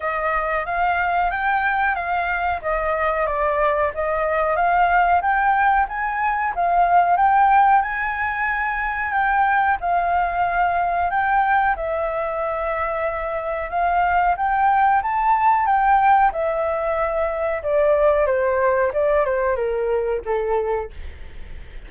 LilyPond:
\new Staff \with { instrumentName = "flute" } { \time 4/4 \tempo 4 = 92 dis''4 f''4 g''4 f''4 | dis''4 d''4 dis''4 f''4 | g''4 gis''4 f''4 g''4 | gis''2 g''4 f''4~ |
f''4 g''4 e''2~ | e''4 f''4 g''4 a''4 | g''4 e''2 d''4 | c''4 d''8 c''8 ais'4 a'4 | }